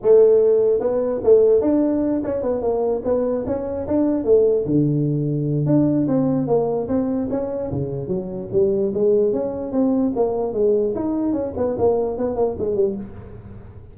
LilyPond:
\new Staff \with { instrumentName = "tuba" } { \time 4/4 \tempo 4 = 148 a2 b4 a4 | d'4. cis'8 b8 ais4 b8~ | b8 cis'4 d'4 a4 d8~ | d2 d'4 c'4 |
ais4 c'4 cis'4 cis4 | fis4 g4 gis4 cis'4 | c'4 ais4 gis4 dis'4 | cis'8 b8 ais4 b8 ais8 gis8 g8 | }